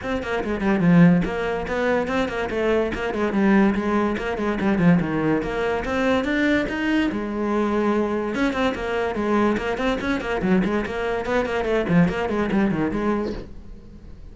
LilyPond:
\new Staff \with { instrumentName = "cello" } { \time 4/4 \tempo 4 = 144 c'8 ais8 gis8 g8 f4 ais4 | b4 c'8 ais8 a4 ais8 gis8 | g4 gis4 ais8 gis8 g8 f8 | dis4 ais4 c'4 d'4 |
dis'4 gis2. | cis'8 c'8 ais4 gis4 ais8 c'8 | cis'8 ais8 fis8 gis8 ais4 b8 ais8 | a8 f8 ais8 gis8 g8 dis8 gis4 | }